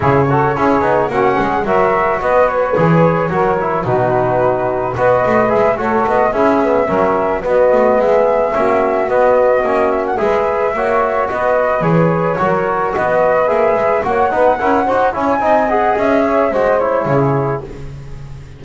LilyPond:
<<
  \new Staff \with { instrumentName = "flute" } { \time 4/4 \tempo 4 = 109 cis''2 fis''4 e''4 | dis''8 cis''2~ cis''8 b'4~ | b'4 dis''4 e''8 cis''8 dis''8 e''8~ | e''4. dis''4 e''4.~ |
e''8 dis''4. e''16 fis''16 e''4.~ | e''8 dis''4 cis''2 dis''8~ | dis''8 e''4 fis''2 gis''8~ | gis''8 fis''8 e''4 dis''8 cis''4. | }
  \new Staff \with { instrumentName = "saxophone" } { \time 4/4 gis'8 a'8 gis'4 fis'8 gis'8 ais'4 | b'2 ais'4 fis'4~ | fis'4 b'4. a'4 gis'8~ | gis'8 ais'4 fis'4 gis'4 fis'8~ |
fis'2~ fis'8 b'4 cis''8~ | cis''8 b'2 ais'4 b'8~ | b'4. cis''8 b'8 ais'8 c''8 cis''8 | dis''4. cis''8 c''4 gis'4 | }
  \new Staff \with { instrumentName = "trombone" } { \time 4/4 e'8 fis'8 e'8 dis'8 cis'4 fis'4~ | fis'4 gis'4 fis'8 e'8 dis'4~ | dis'4 fis'4 gis'8 fis'4 e'8 | b8 cis'4 b2 cis'8~ |
cis'8 b4 cis'4 gis'4 fis'8~ | fis'4. gis'4 fis'4.~ | fis'8 gis'4 fis'8 dis'8 e'8 fis'8 e'8 | dis'8 gis'4. fis'8 e'4. | }
  \new Staff \with { instrumentName = "double bass" } { \time 4/4 cis4 cis'8 b8 ais8 gis8 fis4 | b4 e4 fis4 b,4~ | b,4 b8 a8 gis8 a8 b8 cis'8~ | cis'8 fis4 b8 a8 gis4 ais8~ |
ais8 b4 ais4 gis4 ais8~ | ais8 b4 e4 fis4 b8~ | b8 ais8 gis8 ais8 b8 cis'8 dis'8 cis'8 | c'4 cis'4 gis4 cis4 | }
>>